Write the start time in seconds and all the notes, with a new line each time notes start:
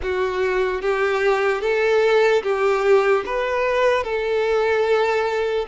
0.02 F#4
0.81 G4
1.61 A4
2.43 G4
3.25 B4
4.03 A4